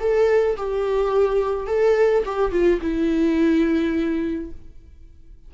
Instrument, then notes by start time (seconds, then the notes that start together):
viola
0.00 A4
0.57 G4
1.67 A4
2.25 G4
2.52 F4
2.81 E4